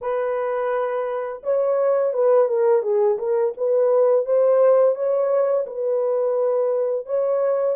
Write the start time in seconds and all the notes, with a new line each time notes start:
0.01 B4
1.43 C#5
2.13 B4
2.48 A#4
2.82 G#4
3.18 A#4
3.56 B4
4.25 C5
4.95 C#5
5.66 B4
7.06 C#5